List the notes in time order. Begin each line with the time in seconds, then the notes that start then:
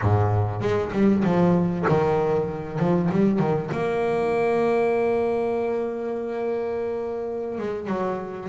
0.01 G#2
0.60 G#3
0.92 G3
1.23 F3
1.88 D#3
2.79 F3
3.11 G3
3.39 D#3
3.71 A#3
7.58 G#3
7.87 F#3